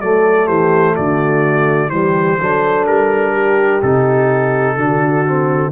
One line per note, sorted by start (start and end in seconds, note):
0.00 0.48 F#3
0.00 1.91 A3
0.00 0.46 A4
0.00 0.47 D5
0.46 0.96 E3
0.46 0.94 G4
0.46 0.95 C5
0.95 1.89 D3
0.95 1.91 F#4
0.95 1.90 D5
1.89 2.37 E3
1.89 2.39 G3
1.89 2.39 G4
1.89 2.85 C5
2.39 2.86 F#3
2.39 3.82 D4
2.39 3.33 A4
2.86 3.82 G3
2.86 3.81 A#4
3.33 4.76 G4
3.82 4.76 C3
3.82 4.78 D#4
3.82 5.72 A4
4.76 5.71 D3
4.76 5.25 D4
4.76 5.71 F#4
5.26 5.72 C4